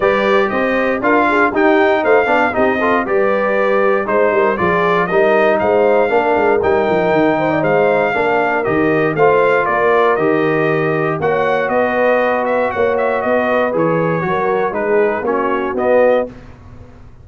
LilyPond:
<<
  \new Staff \with { instrumentName = "trumpet" } { \time 4/4 \tempo 4 = 118 d''4 dis''4 f''4 g''4 | f''4 dis''4 d''2 | c''4 d''4 dis''4 f''4~ | f''4 g''2 f''4~ |
f''4 dis''4 f''4 d''4 | dis''2 fis''4 dis''4~ | dis''8 e''8 fis''8 e''8 dis''4 cis''4~ | cis''4 b'4 cis''4 dis''4 | }
  \new Staff \with { instrumentName = "horn" } { \time 4/4 b'4 c''4 ais'8 gis'8 g'4 | c''8 d''8 g'8 a'8 b'2 | c''8 ais'8 gis'4 ais'4 c''4 | ais'2~ ais'8 c''16 d''16 c''4 |
ais'2 c''4 ais'4~ | ais'2 cis''4 b'4~ | b'4 cis''4 b'2 | ais'4 gis'4 fis'2 | }
  \new Staff \with { instrumentName = "trombone" } { \time 4/4 g'2 f'4 dis'4~ | dis'8 d'8 dis'8 f'8 g'2 | dis'4 f'4 dis'2 | d'4 dis'2. |
d'4 g'4 f'2 | g'2 fis'2~ | fis'2. gis'4 | fis'4 dis'4 cis'4 b4 | }
  \new Staff \with { instrumentName = "tuba" } { \time 4/4 g4 c'4 d'4 dis'4 | a8 b8 c'4 g2 | gis8 g8 f4 g4 gis4 | ais8 gis8 g8 f8 dis4 gis4 |
ais4 dis4 a4 ais4 | dis2 ais4 b4~ | b4 ais4 b4 e4 | fis4 gis4 ais4 b4 | }
>>